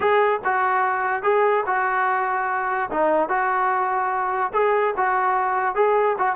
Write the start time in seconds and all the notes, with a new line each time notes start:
0.00 G#4
0.44 F#4
1.23 G#4
1.66 F#4
2.90 D#4
3.28 F#4
4.53 G#4
4.97 F#4
5.75 G#4
6.18 F#4